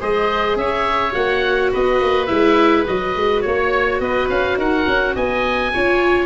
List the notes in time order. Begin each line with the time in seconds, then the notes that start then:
0.00 G#3 G#4 C5 D#5
0.56 C#4 C#5 E5
1.12 A#3 F#4 F#5
1.72 B3 B4 D#5
2.01 A#3
2.26 G#3 E4 E5
2.87 F#3 F#4 D#5
3.16 G#3
3.41 A#3 C#5
4.00 B3 B4 D#5
4.29 C#4 F5
4.57 D#4 A#4 F#5
4.87 C#4
5.15 B3 D#5 G#5
5.73 C#4 F4 C#5